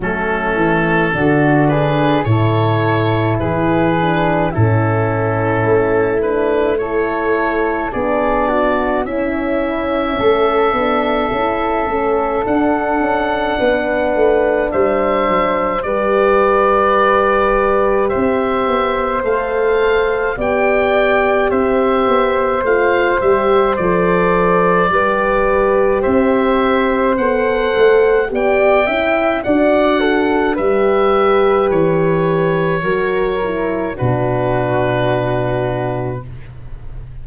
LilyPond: <<
  \new Staff \with { instrumentName = "oboe" } { \time 4/4 \tempo 4 = 53 a'4. b'8 cis''4 b'4 | a'4. b'8 cis''4 d''4 | e''2. fis''4~ | fis''4 e''4 d''2 |
e''4 f''4 g''4 e''4 | f''8 e''8 d''2 e''4 | fis''4 g''4 fis''4 e''4 | cis''2 b'2 | }
  \new Staff \with { instrumentName = "flute" } { \time 4/4 cis'4 fis'8 gis'8 a'4 gis'4 | e'2 a'4 gis'8 fis'8 | e'4 a'2. | b'4 c''4 b'2 |
c''2 d''4 c''4~ | c''2 b'4 c''4~ | c''4 d''8 e''8 d''8 a'8 b'4~ | b'4 ais'4 fis'2 | }
  \new Staff \with { instrumentName = "horn" } { \time 4/4 a4 d'4 e'4. d'8 | cis'4. d'8 e'4 d'4 | cis'4. d'8 e'8 cis'8 d'4~ | d'2 g'2~ |
g'4 a'4 g'2 | f'8 g'8 a'4 g'2 | a'4 g'8 e'8 fis'4 g'4~ | g'4 fis'8 e'8 d'2 | }
  \new Staff \with { instrumentName = "tuba" } { \time 4/4 fis8 e8 d4 a,4 e4 | a,4 a2 b4 | cis'4 a8 b8 cis'8 a8 d'8 cis'8 | b8 a8 g8 fis8 g2 |
c'8 b8 a4 b4 c'8 b8 | a8 g8 f4 g4 c'4 | b8 a8 b8 cis'8 d'4 g4 | e4 fis4 b,2 | }
>>